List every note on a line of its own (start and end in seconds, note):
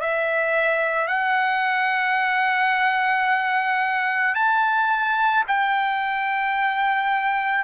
0.00 1.07 E5
1.07 4.34 F#5
4.34 5.43 A5
5.47 7.64 G5